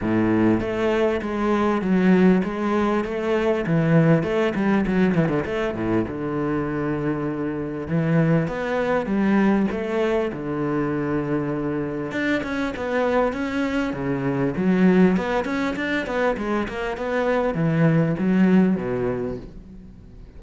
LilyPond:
\new Staff \with { instrumentName = "cello" } { \time 4/4 \tempo 4 = 99 a,4 a4 gis4 fis4 | gis4 a4 e4 a8 g8 | fis8 e16 d16 a8 a,8 d2~ | d4 e4 b4 g4 |
a4 d2. | d'8 cis'8 b4 cis'4 cis4 | fis4 b8 cis'8 d'8 b8 gis8 ais8 | b4 e4 fis4 b,4 | }